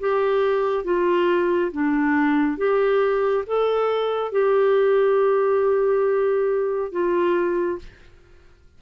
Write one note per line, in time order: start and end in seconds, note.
0.00 0.85 G4
0.85 1.72 F4
1.72 2.58 D4
2.58 3.45 G4
3.47 4.32 A4
4.32 6.92 G4
6.92 7.79 F4